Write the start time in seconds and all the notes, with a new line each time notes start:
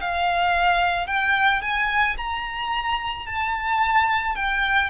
0.00 F5
1.07 G5
1.61 G#5
2.17 A#5
3.26 A5
4.35 G5